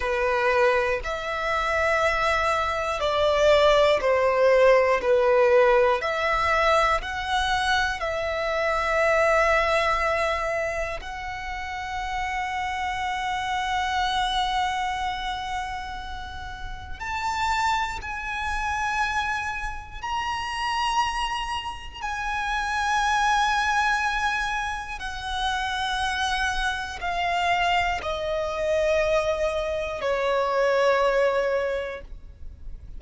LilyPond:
\new Staff \with { instrumentName = "violin" } { \time 4/4 \tempo 4 = 60 b'4 e''2 d''4 | c''4 b'4 e''4 fis''4 | e''2. fis''4~ | fis''1~ |
fis''4 a''4 gis''2 | ais''2 gis''2~ | gis''4 fis''2 f''4 | dis''2 cis''2 | }